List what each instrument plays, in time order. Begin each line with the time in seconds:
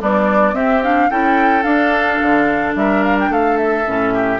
0.00 clarinet G3, bassoon B3, oboe D4, flute D5
0.54 clarinet C4, bassoon C4, oboe G4, flute E5
0.83 clarinet D4, flute F5
1.10 bassoon C#4, clarinet E4, oboe A4, flute G5
1.63 clarinet D4, bassoon D4, flute F5
2.22 bassoon D3
2.75 bassoon G3, oboe A#4, flute E5
3.04 flute F5
3.20 flute G5
3.29 bassoon A3, oboe A4, flute F5
3.57 flute E5
3.86 bassoon A2, clarinet C#4
4.14 oboe G4